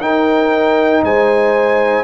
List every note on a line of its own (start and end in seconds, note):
0.00 1.02 D#4
0.00 2.04 D#4
0.00 1.04 A#4
0.00 1.03 G5
1.02 2.04 G#3
1.02 2.04 C5
1.02 2.04 G#5